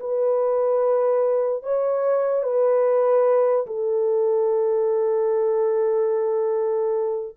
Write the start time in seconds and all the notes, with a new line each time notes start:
0.00 B4
1.63 C#5
2.43 B4
3.67 A4